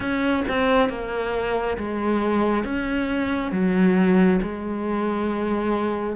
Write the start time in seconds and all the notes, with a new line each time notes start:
0.00 C#4
0.48 C4
0.89 A#3
1.77 G#3
2.64 C#4
3.51 F#3
4.42 G#3